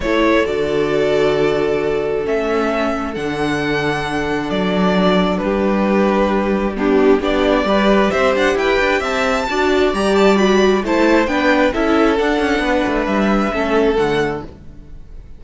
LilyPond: <<
  \new Staff \with { instrumentName = "violin" } { \time 4/4 \tempo 4 = 133 cis''4 d''2.~ | d''4 e''2 fis''4~ | fis''2 d''2 | b'2. g'4 |
d''2 e''8 fis''8 g''4 | a''2 ais''8 a''8 b''4 | a''4 g''4 e''4 fis''4~ | fis''4 e''2 fis''4 | }
  \new Staff \with { instrumentName = "violin" } { \time 4/4 a'1~ | a'1~ | a'1 | g'2. d'4 |
g'4 b'4 c''4 b'4 | e''4 d''2. | c''4 b'4 a'2 | b'2 a'2 | }
  \new Staff \with { instrumentName = "viola" } { \time 4/4 e'4 fis'2.~ | fis'4 cis'2 d'4~ | d'1~ | d'2. b4 |
d'4 g'2.~ | g'4 fis'4 g'4 fis'4 | e'4 d'4 e'4 d'4~ | d'2 cis'4 a4 | }
  \new Staff \with { instrumentName = "cello" } { \time 4/4 a4 d2.~ | d4 a2 d4~ | d2 fis2 | g1 |
b4 g4 c'8 d'8 e'8 d'8 | c'4 d'4 g2 | a4 b4 cis'4 d'8 cis'8 | b8 a8 g4 a4 d4 | }
>>